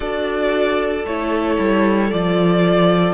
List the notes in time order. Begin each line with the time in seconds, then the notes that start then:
0.00 D4 F#4 A4 D5
1.05 A3 E4 C#5
1.59 G3
2.11 F3 F4 D5